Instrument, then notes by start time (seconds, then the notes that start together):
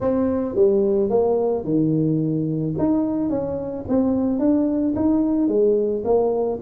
tuba
0.01 C4
0.55 G3
1.09 A#3
1.64 D#3
2.78 D#4
3.29 C#4
3.88 C4
4.39 D4
4.95 D#4
5.48 G#3
6.04 A#3